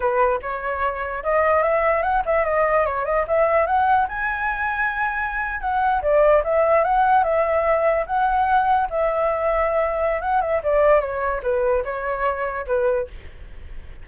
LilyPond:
\new Staff \with { instrumentName = "flute" } { \time 4/4 \tempo 4 = 147 b'4 cis''2 dis''4 | e''4 fis''8 e''8 dis''4 cis''8 dis''8 | e''4 fis''4 gis''2~ | gis''4.~ gis''16 fis''4 d''4 e''16~ |
e''8. fis''4 e''2 fis''16~ | fis''4.~ fis''16 e''2~ e''16~ | e''4 fis''8 e''8 d''4 cis''4 | b'4 cis''2 b'4 | }